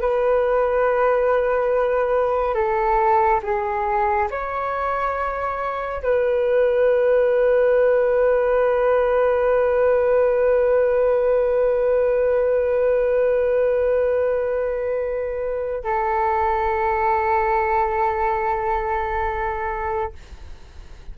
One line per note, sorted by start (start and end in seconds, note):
0.00 2.54 B4
2.54 3.40 A4
3.42 4.28 G#4
4.31 6.02 C#5
6.02 15.83 B4
15.83 20.12 A4